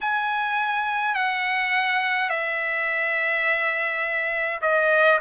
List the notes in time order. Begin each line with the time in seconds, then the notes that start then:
0.00 G#5
1.14 F#5
2.29 E5
4.62 D#5